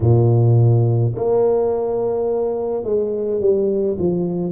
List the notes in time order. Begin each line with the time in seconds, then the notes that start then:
0.00 A#2
1.15 A#3
2.83 G#3
3.40 G3
3.98 F3